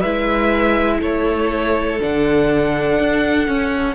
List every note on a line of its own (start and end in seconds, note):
0.00 1.01 G#3
0.00 2.01 E4
0.00 0.98 B4
0.00 0.99 E5
0.99 2.00 A3
0.99 3.94 A4
0.99 2.01 C#5
2.01 2.99 D3
2.01 3.48 D4
2.01 3.95 F#5
2.99 3.48 D4
3.48 3.95 C#4